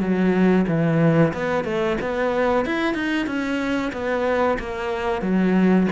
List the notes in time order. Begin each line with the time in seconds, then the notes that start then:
0.00 F#3
0.67 E3
1.33 B3
1.64 A3
2.01 B3
2.65 E4
2.94 D#4
3.26 C#4
3.92 B3
4.59 A#3
5.22 F#3